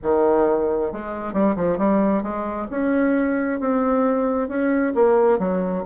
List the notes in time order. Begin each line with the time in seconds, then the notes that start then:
0.02 D#3
0.92 G#3
1.33 G3
1.56 F3
1.78 G3
2.22 G#3
2.70 C#4
3.59 C4
4.48 C#4
4.95 A#3
5.38 F#3